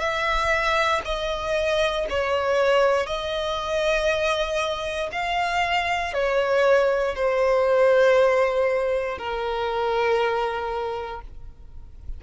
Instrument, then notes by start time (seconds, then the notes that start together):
violin
0.00 E5
1.05 D#5
2.10 C#5
3.06 D#5
5.12 F5
6.14 C#5
7.16 C5
9.18 A#4